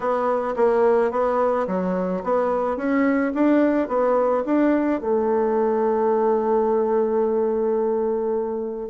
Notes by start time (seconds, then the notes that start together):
0.00 B3
0.56 A#3
1.11 B3
1.67 F#3
2.23 B3
2.76 C#4
3.34 D4
3.88 B3
4.45 D4
5.00 A3